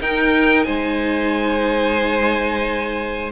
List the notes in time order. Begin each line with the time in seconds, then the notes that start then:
0.00 D#4 A#4 G5
0.64 G#3 C5 G#5